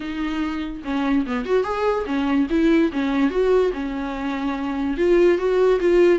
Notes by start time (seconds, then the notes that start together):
0.00 D#4
0.84 C#4
1.26 B3
1.45 F#4
1.63 G#4
2.06 C#4
2.49 E4
2.92 C#4
3.30 F#4
3.73 C#4
4.97 F4
5.38 F#4
5.79 F4